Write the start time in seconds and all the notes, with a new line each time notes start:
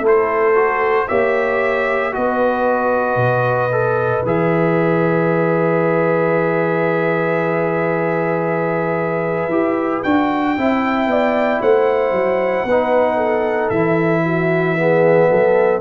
0.00 A3 E4 A4
0.07 C5
0.55 F#4
1.08 A#3 G4 C#5 E5
2.12 B3 F#4 B4 D#5
3.16 B2
3.71 A4
4.25 E3 G#4 E5
9.48 E4 G4
10.03 D4 F#4 G5
10.57 C4 E4 E5
11.07 B3 D5
11.61 A3 C5 F#5
12.11 F#3
12.64 B3 B4
12.70 D#4
13.16 A4
13.70 E3 E4 E5
14.25 F#4
14.77 B3 G#4
15.30 F#3 A4